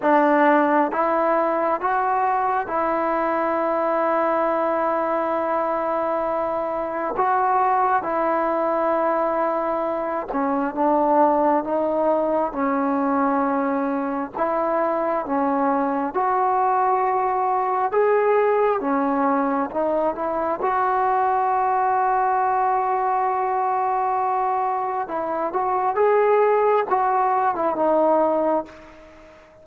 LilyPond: \new Staff \with { instrumentName = "trombone" } { \time 4/4 \tempo 4 = 67 d'4 e'4 fis'4 e'4~ | e'1 | fis'4 e'2~ e'8 cis'8 | d'4 dis'4 cis'2 |
e'4 cis'4 fis'2 | gis'4 cis'4 dis'8 e'8 fis'4~ | fis'1 | e'8 fis'8 gis'4 fis'8. e'16 dis'4 | }